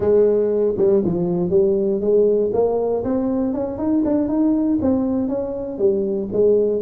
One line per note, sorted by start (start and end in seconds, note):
0.00 0.74 G#3
0.77 1.02 G3
1.04 1.50 F3
1.50 2.00 G3
2.01 2.51 G#3
2.53 3.03 A#3
3.04 3.53 C4
3.53 3.77 C#4
3.77 4.03 D#4
4.04 4.28 D4
4.28 4.79 D#4
4.81 5.28 C4
5.28 5.78 C#4
5.78 6.29 G3
6.32 6.81 G#3